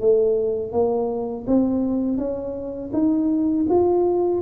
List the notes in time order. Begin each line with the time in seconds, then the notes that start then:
0.00 A3
0.72 A#3
1.47 C4
2.17 C#4
2.93 D#4
3.69 F4